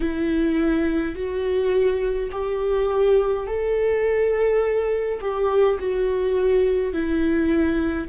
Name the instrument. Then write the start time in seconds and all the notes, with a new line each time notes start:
viola
0.00 E4
1.15 F#4
2.31 G4
3.46 A4
5.20 G4
5.79 F#4
6.93 E4